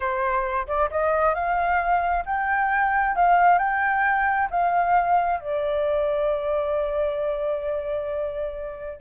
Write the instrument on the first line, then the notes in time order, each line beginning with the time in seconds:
flute
0.00 C5
0.67 D5
0.90 D#5
1.34 F5
2.25 G5
3.15 F5
3.58 G5
4.50 F5
5.40 D5